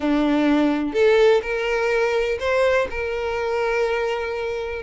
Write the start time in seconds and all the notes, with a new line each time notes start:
0.00 D4
0.93 A4
1.42 A#4
2.39 C5
2.90 A#4